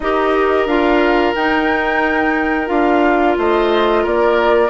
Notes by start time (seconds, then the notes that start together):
0.00 D#4 G4 A#4 D#5
0.66 D4 F4 F5
1.35 D#4 G5
2.66 D4 F4 F5
3.37 A3 C5 D#5
4.02 A#3 A#4 D5